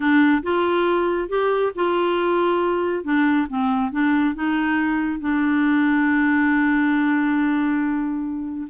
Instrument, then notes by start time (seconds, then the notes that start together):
clarinet
0.00 D4
0.42 F4
1.28 G4
1.75 F4
3.03 D4
3.49 C4
3.91 D4
4.34 D#4
5.20 D4